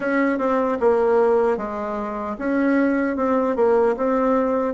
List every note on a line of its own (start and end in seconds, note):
0.00 0.38 C#4
0.38 0.78 C4
0.80 1.57 A#3
1.57 2.36 G#3
2.38 3.16 C#4
3.16 3.55 C4
3.56 3.95 A#3
3.97 4.74 C4